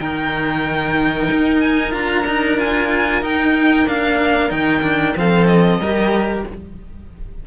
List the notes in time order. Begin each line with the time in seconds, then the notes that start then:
0.00 D#3 D#4 A#4 G5
1.32 D#4
1.60 G#5
1.92 D4 F4 A#5
2.26 D#4
2.58 F4 G#5
3.22 D#4 G5
3.86 A#3 D4 F5
4.50 D#3 D#4 G5
4.83 D4
5.17 F3 C4 A4 F5
5.47 D#5
5.79 G3 G4 A#4